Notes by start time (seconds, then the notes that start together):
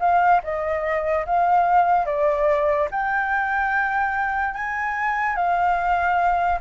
0.00 F5
0.43 D#5
1.26 F5
2.06 D5
2.91 G5
4.54 G#5
5.36 F5